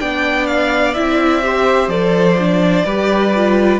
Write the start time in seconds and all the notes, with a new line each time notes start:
0.00 B3 D4 D5 G5
0.47 F5
0.94 C4 E4 E5
1.43 G4 C5
1.88 F3 A4 D5
2.39 D4
2.85 G3 G4 B4
3.36 F4